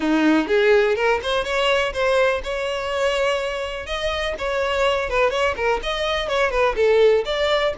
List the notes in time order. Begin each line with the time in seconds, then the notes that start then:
0.00 D#4
0.47 G#4
0.95 A#4
1.23 C5
1.44 C#5
1.93 C5
2.43 C#5
3.86 D#5
4.38 C#5
5.09 B4
5.30 C#5
5.56 A#4
5.82 D#5
6.28 C#5
6.51 B4
6.76 A4
7.25 D5